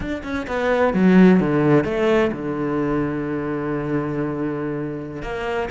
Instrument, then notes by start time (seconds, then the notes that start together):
cello
0.00 D4
0.23 C#4
0.47 B3
0.93 F#3
1.40 D3
1.84 A3
2.32 D3
5.22 A#3